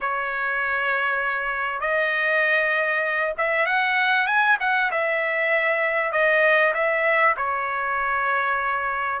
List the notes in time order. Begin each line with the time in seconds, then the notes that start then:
0.00 C#5
1.80 D#5
3.37 E5
3.65 F#5
4.26 G#5
4.60 F#5
4.91 E5
6.11 D#5
6.73 E5
7.36 C#5